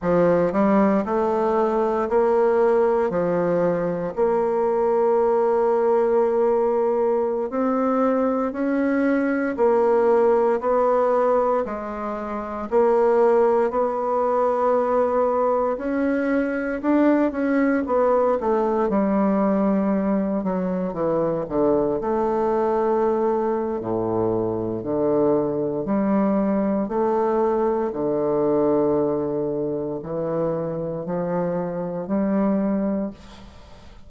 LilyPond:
\new Staff \with { instrumentName = "bassoon" } { \time 4/4 \tempo 4 = 58 f8 g8 a4 ais4 f4 | ais2.~ ais16 c'8.~ | c'16 cis'4 ais4 b4 gis8.~ | gis16 ais4 b2 cis'8.~ |
cis'16 d'8 cis'8 b8 a8 g4. fis16~ | fis16 e8 d8 a4.~ a16 a,4 | d4 g4 a4 d4~ | d4 e4 f4 g4 | }